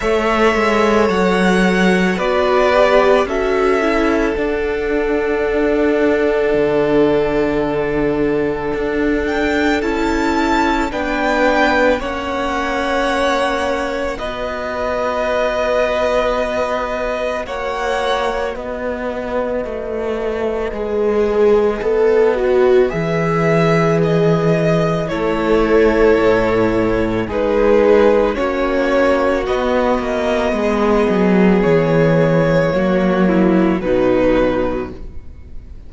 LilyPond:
<<
  \new Staff \with { instrumentName = "violin" } { \time 4/4 \tempo 4 = 55 e''4 fis''4 d''4 e''4 | fis''1~ | fis''8 g''8 a''4 g''4 fis''4~ | fis''4 dis''2. |
fis''4 dis''2.~ | dis''4 e''4 dis''4 cis''4~ | cis''4 b'4 cis''4 dis''4~ | dis''4 cis''2 b'4 | }
  \new Staff \with { instrumentName = "violin" } { \time 4/4 cis''2 b'4 a'4~ | a'1~ | a'2 b'4 cis''4~ | cis''4 b'2. |
cis''4 b'2.~ | b'2. a'4~ | a'4 gis'4 fis'2 | gis'2 fis'8 e'8 dis'4 | }
  \new Staff \with { instrumentName = "viola" } { \time 4/4 a'2 fis'8 g'8 fis'8 e'8 | d'1~ | d'4 e'4 d'4 cis'4~ | cis'4 fis'2.~ |
fis'2. gis'4 | a'8 fis'8 gis'2 e'4~ | e'4 dis'4 cis'4 b4~ | b2 ais4 fis4 | }
  \new Staff \with { instrumentName = "cello" } { \time 4/4 a8 gis8 fis4 b4 cis'4 | d'2 d2 | d'4 cis'4 b4 ais4~ | ais4 b2. |
ais4 b4 a4 gis4 | b4 e2 a4 | a,4 gis4 ais4 b8 ais8 | gis8 fis8 e4 fis4 b,4 | }
>>